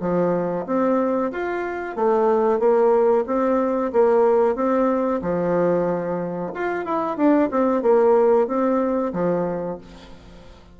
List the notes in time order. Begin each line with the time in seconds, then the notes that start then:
0.00 F3
0.66 C4
1.31 F4
1.95 A3
2.59 A#3
3.26 C4
3.92 A#3
4.55 C4
5.21 F3
6.54 F4
6.84 E4
7.17 D4
7.51 C4
7.82 A#3
8.47 C4
9.13 F3